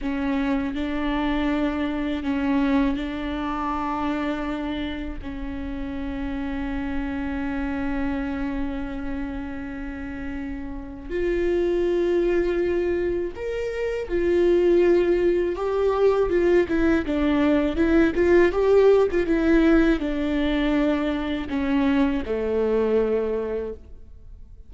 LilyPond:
\new Staff \with { instrumentName = "viola" } { \time 4/4 \tempo 4 = 81 cis'4 d'2 cis'4 | d'2. cis'4~ | cis'1~ | cis'2. f'4~ |
f'2 ais'4 f'4~ | f'4 g'4 f'8 e'8 d'4 | e'8 f'8 g'8. f'16 e'4 d'4~ | d'4 cis'4 a2 | }